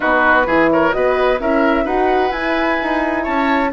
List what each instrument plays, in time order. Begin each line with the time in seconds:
0.00 bassoon B3, horn D#4, oboe F#4, flute B4
0.46 bassoon E3, horn E4, oboe G#4
0.70 oboe A#4, flute C#5
0.91 bassoon B3, horn F#4, oboe B4, flute D#5
1.40 bassoon C#4, horn E4, oboe A#4, flute E5
1.84 bassoon D#4, horn F#4, oboe B4, flute F#5
2.30 bassoon E4, horn E4, flute G#5
2.82 bassoon D#4
3.23 bassoon C#4, oboe C#5, flute A5